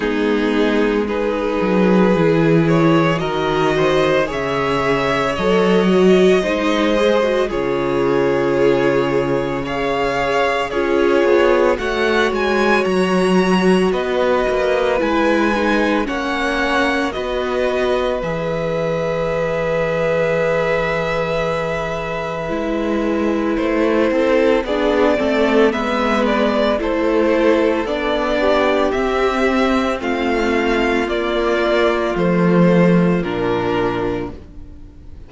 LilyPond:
<<
  \new Staff \with { instrumentName = "violin" } { \time 4/4 \tempo 4 = 56 gis'4 b'4. cis''8 dis''4 | e''4 dis''2 cis''4~ | cis''4 f''4 cis''4 fis''8 gis''8 | ais''4 dis''4 gis''4 fis''4 |
dis''4 e''2.~ | e''2 c''4 d''4 | e''8 d''8 c''4 d''4 e''4 | f''4 d''4 c''4 ais'4 | }
  \new Staff \with { instrumentName = "violin" } { \time 4/4 dis'4 gis'2 ais'8 c''8 | cis''2 c''4 gis'4~ | gis'4 cis''4 gis'4 cis''4~ | cis''4 b'2 cis''4 |
b'1~ | b'2~ b'8 a'8 gis'8 a'8 | b'4 a'4. g'4. | f'1 | }
  \new Staff \with { instrumentName = "viola" } { \time 4/4 b4 dis'4 e'4 fis'4 | gis'4 a'8 fis'8 dis'8 gis'16 fis'16 f'4~ | f'4 gis'4 f'4 fis'4~ | fis'2 e'8 dis'8 cis'4 |
fis'4 gis'2.~ | gis'4 e'2 d'8 c'8 | b4 e'4 d'4 c'4~ | c'4 ais4 a4 d'4 | }
  \new Staff \with { instrumentName = "cello" } { \time 4/4 gis4. fis8 e4 dis4 | cis4 fis4 gis4 cis4~ | cis2 cis'8 b8 a8 gis8 | fis4 b8 ais8 gis4 ais4 |
b4 e2.~ | e4 gis4 a8 c'8 b8 a8 | gis4 a4 b4 c'4 | a4 ais4 f4 ais,4 | }
>>